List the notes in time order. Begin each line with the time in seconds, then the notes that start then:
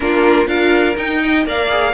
0.00 A#3 D4 F4 A#4
0.46 D4 F4 A#4 F5
0.96 D#4 G5
1.21 D#5
1.45 A#3 A#4 D5 F5
1.69 G#4